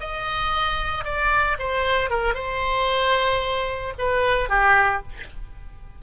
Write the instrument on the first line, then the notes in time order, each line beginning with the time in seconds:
oboe
0.00 D#5
1.05 D5
1.59 C5
2.10 A#4
2.35 C5
3.99 B4
4.49 G4